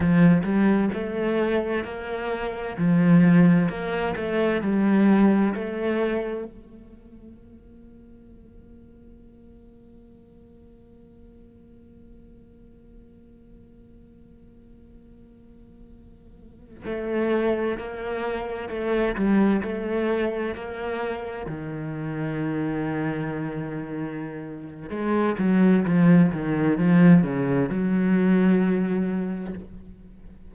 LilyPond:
\new Staff \with { instrumentName = "cello" } { \time 4/4 \tempo 4 = 65 f8 g8 a4 ais4 f4 | ais8 a8 g4 a4 ais4~ | ais1~ | ais1~ |
ais2~ ais16 a4 ais8.~ | ais16 a8 g8 a4 ais4 dis8.~ | dis2. gis8 fis8 | f8 dis8 f8 cis8 fis2 | }